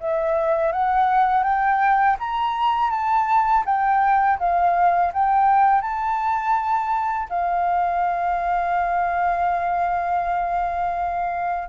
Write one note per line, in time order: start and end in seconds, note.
0.00 0.73 E5
0.73 1.44 F#5
1.44 2.17 G5
2.20 2.91 A#5
2.91 3.64 A5
3.66 4.39 G5
4.39 5.13 F5
5.13 5.82 G5
5.82 7.28 A5
7.30 11.69 F5